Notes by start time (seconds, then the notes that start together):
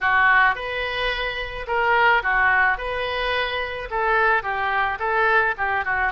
0.00 F#4
0.55 B4
1.67 A#4
2.22 F#4
2.77 B4
3.90 A4
4.42 G4
4.99 A4
5.57 G4
5.85 F#4